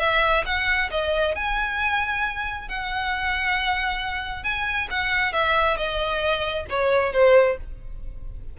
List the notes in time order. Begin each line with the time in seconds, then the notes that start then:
0.00 E5
0.46 F#5
0.91 D#5
1.36 G#5
2.69 F#5
4.44 G#5
4.91 F#5
5.33 E5
5.77 D#5
6.70 C#5
7.13 C5